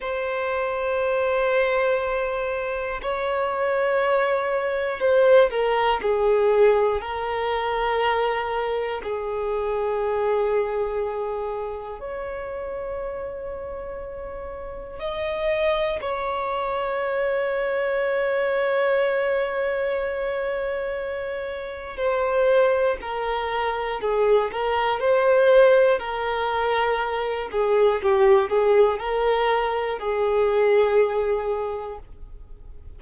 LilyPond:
\new Staff \with { instrumentName = "violin" } { \time 4/4 \tempo 4 = 60 c''2. cis''4~ | cis''4 c''8 ais'8 gis'4 ais'4~ | ais'4 gis'2. | cis''2. dis''4 |
cis''1~ | cis''2 c''4 ais'4 | gis'8 ais'8 c''4 ais'4. gis'8 | g'8 gis'8 ais'4 gis'2 | }